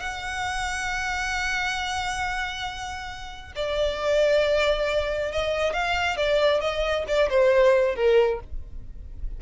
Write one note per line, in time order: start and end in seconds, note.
0.00 3.53 F#5
3.56 5.33 D5
5.33 5.74 D#5
5.74 6.17 F5
6.17 6.61 D5
6.61 7.05 D#5
7.08 7.30 D5
7.30 7.96 C5
7.96 8.40 A#4